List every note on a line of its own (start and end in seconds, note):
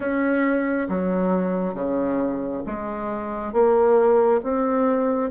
0.00 0.88 C#4
0.88 1.74 F#3
1.74 2.62 C#3
2.66 3.52 G#3
3.52 4.40 A#3
4.43 5.30 C4